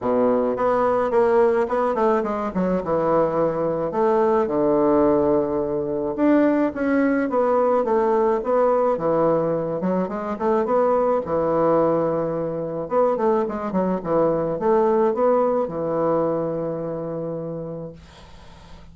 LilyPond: \new Staff \with { instrumentName = "bassoon" } { \time 4/4 \tempo 4 = 107 b,4 b4 ais4 b8 a8 | gis8 fis8 e2 a4 | d2. d'4 | cis'4 b4 a4 b4 |
e4. fis8 gis8 a8 b4 | e2. b8 a8 | gis8 fis8 e4 a4 b4 | e1 | }